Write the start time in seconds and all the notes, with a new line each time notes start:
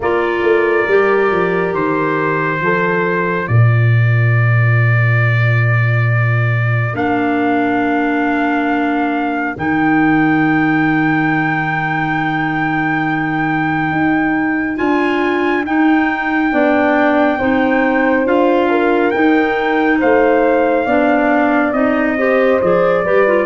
0.00 A#3 F4 A#4 D5
0.42 A3
0.87 G3 G4
1.31 F3
1.73 D#3 C5
2.60 F3 F4 A4
3.47 A#2 A#4 D5
6.93 A#3 D4 F5
9.57 D#3 D#4 G5
13.91 D#4
14.76 D4 F4 G#5
15.66 D#4 G5
16.51 B3 D4 D5
17.38 C4 D#4 C5
18.25 D4 F4 F5
18.70 A#4
19.11 D#4 G5
19.99 A3 C5 F5
20.85 B3 D4 D5
21.72 C4 D#4 D#5
22.17 G4 C5
22.61 F3 G#4 D5
23.03 G3 G4 B4
23.27 F4